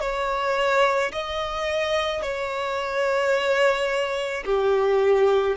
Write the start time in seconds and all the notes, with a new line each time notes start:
0.00 C#5
1.12 D#5
2.22 C#5
4.45 G4